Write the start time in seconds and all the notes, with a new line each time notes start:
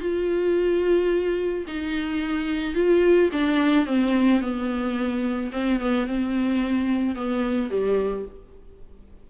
0.00 F4
1.67 D#4
2.74 F4
3.32 D4
3.86 C4
4.41 B3
5.52 C4
5.80 B3
6.06 C4
7.15 B3
7.70 G3